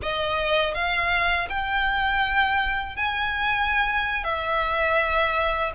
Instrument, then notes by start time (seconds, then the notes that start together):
violin
0.02 D#5
0.74 F5
1.49 G5
2.96 G#5
4.24 E5